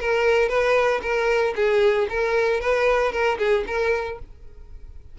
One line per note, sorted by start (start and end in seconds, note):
0.00 0.49 A#4
0.49 1.01 B4
1.02 1.54 A#4
1.55 2.08 G#4
2.09 2.61 A#4
2.61 3.12 B4
3.12 3.38 A#4
3.38 3.65 G#4
3.67 4.19 A#4